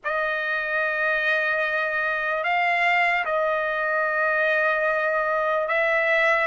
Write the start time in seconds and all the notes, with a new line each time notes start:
0.04 D#5
2.43 F5
3.25 D#5
5.68 E5